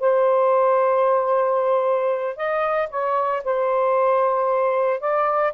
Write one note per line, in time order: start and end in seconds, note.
0.00 2.37 C5
2.37 2.89 D#5
2.90 3.43 C#5
3.44 5.00 C5
5.00 5.53 D5